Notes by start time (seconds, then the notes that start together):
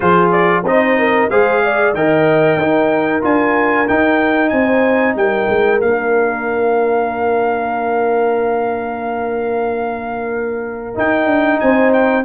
0.00 F3 F4 G#4 C5
0.32 D5
0.64 C4 D#4 C5 D#5
0.98 A#4
1.29 G#3 G#4 C5 F5
1.64 D5
1.94 D#3 A#4 D#5 G5
2.56 D#4 A#4
3.21 D4 F4 G#5
3.88 D#4 G5
4.49 C4 C5 G#5
5.15 G3 A#4 G5
5.48 G#3
5.80 A#3 D4 F5
10.94 D#4 G5
11.25 D4
11.59 C4 C5 G#5
11.92 G5